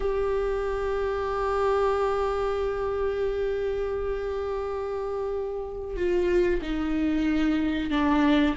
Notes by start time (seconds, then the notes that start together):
0.00 G4
5.96 F4
6.62 D#4
7.90 D4